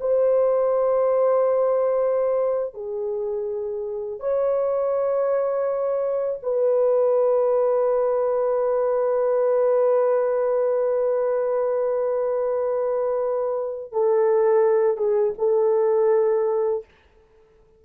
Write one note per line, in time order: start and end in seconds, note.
0.00 2.74 C5
2.74 4.20 G#4
4.20 6.39 C#5
6.43 13.92 B4
13.92 14.97 A4
14.97 15.34 G#4
15.38 16.85 A4